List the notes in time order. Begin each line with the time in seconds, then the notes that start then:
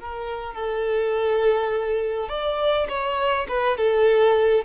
0.00 A#4
0.55 A4
2.29 D5
2.89 C#5
3.49 B4
3.77 A4